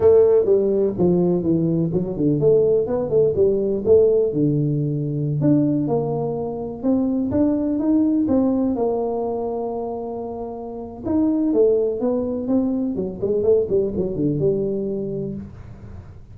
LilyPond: \new Staff \with { instrumentName = "tuba" } { \time 4/4 \tempo 4 = 125 a4 g4 f4 e4 | fis8 d8 a4 b8 a8 g4 | a4 d2~ d16 d'8.~ | d'16 ais2 c'4 d'8.~ |
d'16 dis'4 c'4 ais4.~ ais16~ | ais2. dis'4 | a4 b4 c'4 fis8 gis8 | a8 g8 fis8 d8 g2 | }